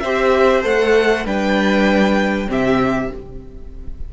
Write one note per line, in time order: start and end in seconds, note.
0.00 0.64 C4
0.00 0.62 G4
0.00 1.24 C5
0.00 0.61 E5
0.62 1.25 A3
0.62 1.24 A4
0.62 1.26 F#5
1.24 2.47 G3
1.24 2.47 D4
1.24 2.47 B4
1.24 2.49 G5
2.47 3.10 C3
2.47 3.08 C4
2.47 3.11 G4
2.47 3.13 E5